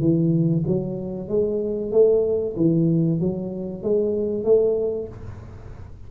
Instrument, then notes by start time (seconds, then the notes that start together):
tuba
0.00 E3
0.67 F#3
1.28 G#3
1.91 A3
2.56 E3
3.20 F#3
3.83 G#3
4.44 A3